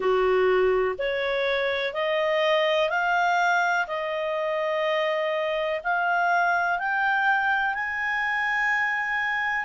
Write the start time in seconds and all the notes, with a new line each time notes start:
0.00 F#4
0.98 C#5
1.93 D#5
2.89 F5
3.87 D#5
5.83 F5
6.78 G5
7.74 G#5